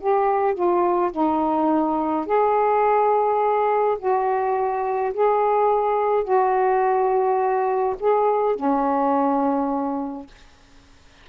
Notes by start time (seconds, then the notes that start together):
0.00 G4
0.54 F4
1.12 D#4
2.26 G#4
3.99 F#4
5.14 G#4
6.24 F#4
8.00 G#4
8.56 C#4